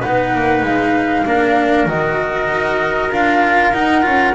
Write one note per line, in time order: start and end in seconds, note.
0.00 0.34 B3
0.00 1.26 D#4
0.00 1.24 B4
0.00 0.64 F#5
0.34 0.62 A#3
0.62 1.24 G#3
0.62 1.88 F5
1.26 1.86 A#3
1.26 1.87 D4
1.26 4.35 A#4
1.86 2.48 D#3
1.86 3.11 F#4
1.86 3.12 D#5
2.48 3.10 D#4
3.11 3.73 D4
3.11 3.73 F4
3.11 3.73 F5
3.73 4.02 D#4
3.73 4.05 D#4
3.73 4.34 F#5
4.02 4.35 C#4
4.02 4.33 F4